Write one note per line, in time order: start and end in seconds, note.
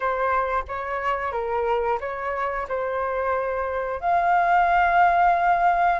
0.00 0.64 C5
0.68 1.32 C#5
1.32 1.98 A#4
2.00 2.67 C#5
2.68 4.00 C5
4.00 5.99 F5